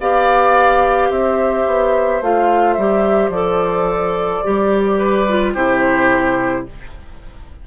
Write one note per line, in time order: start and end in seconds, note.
0.00 1.10 B3
0.00 2.23 G4
0.00 1.10 D5
0.00 1.11 F5
1.10 1.66 C4
1.10 4.98 C5
1.10 2.22 E5
1.66 2.21 B3
2.21 2.77 A3
2.21 2.78 F4
2.21 2.74 F5
2.74 3.29 G3
2.74 3.34 G4
2.74 3.29 E5
3.29 4.41 F3
3.29 4.44 A4
3.29 5.53 D5
4.44 5.55 G3
4.44 5.28 G4
4.98 5.53 B4
5.29 5.56 F4
5.54 6.66 C3
5.54 6.67 E4
5.54 6.65 G4
5.54 6.66 C5